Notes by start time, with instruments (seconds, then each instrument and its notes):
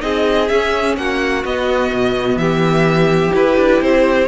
0.00 cello C4, viola D#4, violin G#4 D#5
0.48 cello C#4, viola C#4, violin E5
0.97 cello A#3, violin F#4 F#5
1.44 cello B3, viola B3, violin D#5
1.92 cello B2
2.36 cello E3, violin G4 E5
3.31 viola E4, cello E4, violin B4
3.57 cello D4
3.81 cello C4, violin C5